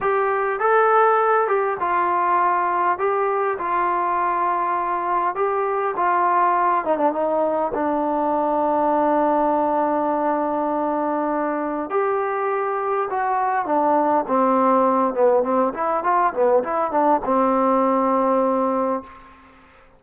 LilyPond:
\new Staff \with { instrumentName = "trombone" } { \time 4/4 \tempo 4 = 101 g'4 a'4. g'8 f'4~ | f'4 g'4 f'2~ | f'4 g'4 f'4. dis'16 d'16 | dis'4 d'2.~ |
d'1 | g'2 fis'4 d'4 | c'4. b8 c'8 e'8 f'8 b8 | e'8 d'8 c'2. | }